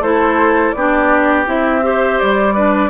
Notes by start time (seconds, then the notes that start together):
0.00 A3 E4 A4 C5
0.72 B3 D4 G4 D5
1.46 C4 E4 E5
1.83 G4 C5
2.20 G3 D5
2.55 D4 B4